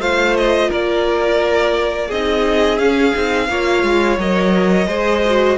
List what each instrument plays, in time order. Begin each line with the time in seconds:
0.00 cello A3, viola F4, violin C5 F5
0.36 violin D#5
0.69 cello A#3, violin A#4 D5
2.08 cello C4, viola D#4, violin G#4 D#5
2.79 cello C#4, viola C#4, violin F5
3.14 cello C4, viola D#4
3.49 cello A#3, viola F4, violin C#5
3.83 cello G#3
4.18 cello F#3, viola A#4, violin D#5
4.87 cello G#3, viola G#4, violin C5
5.25 viola F#4